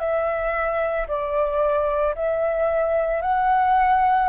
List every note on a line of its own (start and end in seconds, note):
0.00 1.07 E5
1.08 2.15 D5
2.15 3.22 E5
3.22 4.29 F#5